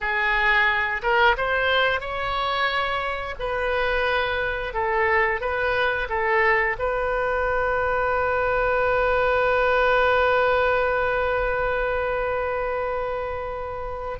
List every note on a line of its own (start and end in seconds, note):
0.00 1.01 G#4
1.02 1.35 A#4
1.37 2.00 C5
2.00 3.35 C#5
3.39 4.73 B4
4.73 5.40 A4
5.40 6.08 B4
6.09 6.76 A4
6.78 14.19 B4